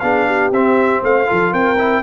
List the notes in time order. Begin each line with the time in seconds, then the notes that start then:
0.00 B3 D4 G#4 F5
0.27 G4
0.51 C4 E5
1.03 A3 C5 F5
1.26 F3 F4 A4
1.52 C4 A#4 G5
1.78 E4